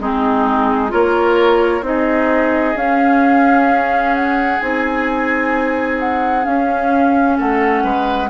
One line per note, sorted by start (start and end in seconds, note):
0.00 0.92 G#3
0.00 0.89 C4
0.00 0.92 D#4
0.00 0.92 G#4
0.89 1.82 A#3
0.89 1.81 F4
0.89 1.84 A#4
0.89 1.85 C#5
1.82 2.74 C4
1.82 2.75 D#4
1.82 7.37 G#4
1.82 2.77 D#5
2.75 4.60 C#4
2.75 4.15 F5
4.15 4.60 F#5
4.60 6.46 C4
4.60 6.43 D#4
4.60 5.99 G#5
5.99 6.45 F#5
6.43 8.28 C#4
6.43 7.38 C#4
6.43 7.37 F5
7.37 7.84 A3
7.37 7.83 A4
7.37 8.30 F#5
7.84 8.30 G#3
7.84 8.30 B4